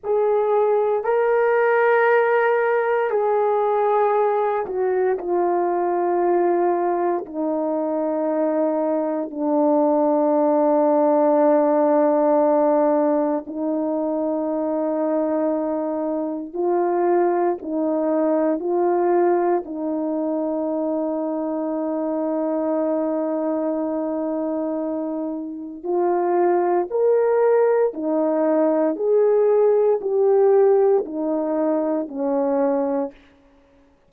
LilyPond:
\new Staff \with { instrumentName = "horn" } { \time 4/4 \tempo 4 = 58 gis'4 ais'2 gis'4~ | gis'8 fis'8 f'2 dis'4~ | dis'4 d'2.~ | d'4 dis'2. |
f'4 dis'4 f'4 dis'4~ | dis'1~ | dis'4 f'4 ais'4 dis'4 | gis'4 g'4 dis'4 cis'4 | }